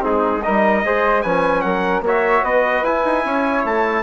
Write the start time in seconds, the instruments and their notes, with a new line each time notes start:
0.00 bassoon G#3, trombone C4, flute D#4, trumpet G#4
0.42 bassoon G3, trombone D#4, flute A#4, trumpet D#5
0.84 bassoon G#3, trombone G#4, flute C5
1.22 bassoon F3, trombone C#4, flute B4, trumpet G#5
1.61 bassoon F#3, flute A#4, trumpet F#5
2.01 bassoon A#3, trombone F#4, flute C#5
2.07 trumpet E5
2.43 bassoon B3, flute B4, trumpet D#5
2.83 bassoon E4, trombone E4, trumpet G#5
3.05 bassoon D#4
3.25 bassoon C#4, flute C#5
3.64 bassoon A3, trumpet A5